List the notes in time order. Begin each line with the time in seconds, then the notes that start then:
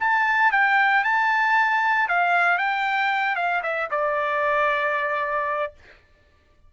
0.00 A5
0.52 G5
1.04 A5
2.09 F5
2.58 G5
3.36 F5
3.63 E5
3.91 D5